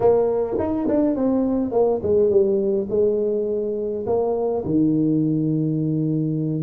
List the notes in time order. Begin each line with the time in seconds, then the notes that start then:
0.00 A#3
0.58 D#4
0.88 D4
1.15 C4
1.72 A#3
2.02 G#3
2.29 G3
2.89 G#3
4.06 A#3
4.64 D#3